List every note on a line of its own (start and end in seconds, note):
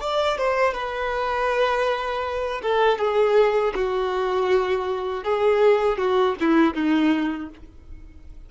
0.00 0.38 D5
0.38 0.74 C5
0.74 2.61 B4
2.62 2.98 A4
2.98 3.73 G#4
3.75 5.24 F#4
5.24 5.98 G#4
5.98 6.35 F#4
6.40 6.74 E4
6.74 7.49 D#4